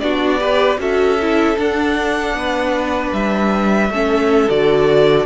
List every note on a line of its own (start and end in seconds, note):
0.00 0.78 B3
0.00 0.39 D4
0.00 0.40 F#4
0.00 0.78 D5
0.39 0.78 G4
0.39 0.79 B4
0.78 1.56 C#4
0.78 1.18 F#4
0.78 2.37 A4
0.78 1.59 E5
1.22 1.56 E4
1.56 3.90 D4
1.56 2.34 D4
1.56 3.13 F#5
2.34 3.12 B3
2.34 3.91 B4
3.13 3.90 G3
3.13 4.50 E5
3.90 4.48 A3
3.90 4.49 C#4
3.90 5.26 A4
4.49 5.26 D3
4.49 5.26 F#4
4.49 5.26 D5